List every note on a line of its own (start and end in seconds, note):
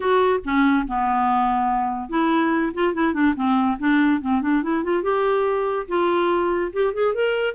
0.00 0.39 F#4
0.44 0.86 C#4
0.87 2.09 B3
2.09 2.72 E4
2.73 2.94 F4
2.94 3.13 E4
3.13 3.34 D4
3.35 3.77 C4
3.79 4.21 D4
4.21 4.41 C4
4.41 4.62 D4
4.62 4.83 E4
4.83 5.02 F4
5.02 5.86 G4
5.87 6.71 F4
6.72 6.93 G4
6.93 7.14 G#4
7.14 7.54 A#4